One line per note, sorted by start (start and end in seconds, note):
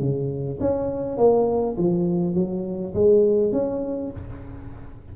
0.00 0.59 C#3
0.60 1.18 C#4
1.18 1.76 A#3
1.78 2.35 F3
2.35 2.94 F#3
2.94 3.52 G#3
3.52 4.11 C#4